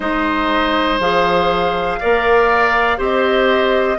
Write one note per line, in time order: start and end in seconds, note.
0.00 0.99 G#3
0.00 1.00 D#4
0.00 1.99 C5
0.00 0.99 D#5
0.99 1.99 F3
0.99 2.00 G#4
0.99 3.00 F5
2.00 2.98 A#3
2.00 2.97 A#4
2.00 2.98 D5
2.97 3.98 C4
2.97 3.97 G4
2.97 3.98 C5
2.97 3.98 D#5